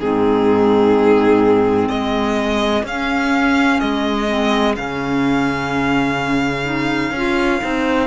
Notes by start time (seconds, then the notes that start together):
0.00 G#2 C4 D#4 G#4
1.89 G#3 G#4 D#5
2.84 C#4 F5
3.80 G#3 D#5
4.28 C4
4.76 C#3 C#4 F5
6.65 D#4
7.12 C#4 F4
7.61 C4 D#4